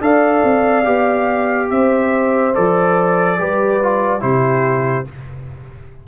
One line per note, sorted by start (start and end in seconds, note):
0.00 0.42 D4
0.00 0.84 A4
0.00 1.70 D5
0.00 1.70 F5
0.43 0.86 C4
0.84 1.70 B3
0.84 2.53 G4
1.70 2.55 C4
1.70 3.39 C5
1.70 2.54 E5
2.54 3.39 F3
2.54 3.38 A4
2.54 4.21 D5
3.38 4.22 G3
3.38 3.80 G4
3.38 4.22 B4
3.82 4.20 F4
4.20 5.07 C3
4.20 5.04 E4
4.20 5.07 G4
4.20 5.06 C5